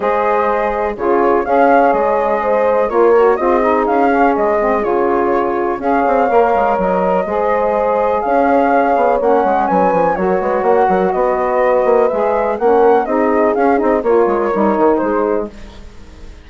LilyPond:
<<
  \new Staff \with { instrumentName = "flute" } { \time 4/4 \tempo 4 = 124 dis''2 cis''4 f''4 | dis''2 cis''4 dis''4 | f''4 dis''4 cis''2 | f''2 dis''2~ |
dis''4 f''2 fis''4 | gis''4 cis''4 fis''4 dis''4~ | dis''4 e''4 fis''4 dis''4 | f''8 dis''8 cis''2 c''4 | }
  \new Staff \with { instrumentName = "horn" } { \time 4/4 c''2 gis'4 cis''4~ | cis''4 c''4 ais'4 gis'4~ | gis'1 | cis''2. c''4~ |
c''4 cis''2. | b'4 ais'8 b'8 cis''8 ais'8 b'4~ | b'2 ais'4 gis'4~ | gis'4 ais'2 gis'4 | }
  \new Staff \with { instrumentName = "saxophone" } { \time 4/4 gis'2 f'4 gis'4~ | gis'2 f'8 fis'8 f'8 dis'8~ | dis'8 cis'4 c'8 f'2 | gis'4 ais'2 gis'4~ |
gis'2. cis'4~ | cis'4 fis'2.~ | fis'4 gis'4 cis'4 dis'4 | cis'8 dis'8 f'4 dis'2 | }
  \new Staff \with { instrumentName = "bassoon" } { \time 4/4 gis2 cis4 cis'4 | gis2 ais4 c'4 | cis'4 gis4 cis2 | cis'8 c'8 ais8 gis8 fis4 gis4~ |
gis4 cis'4. b8 ais8 gis8 | fis8 f8 fis8 gis8 ais8 fis8 b4~ | b8 ais8 gis4 ais4 c'4 | cis'8 c'8 ais8 gis8 g8 dis8 gis4 | }
>>